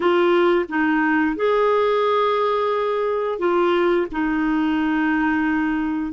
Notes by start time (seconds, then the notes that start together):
0.00 F4
0.68 D#4
1.36 G#4
3.38 F4
4.11 D#4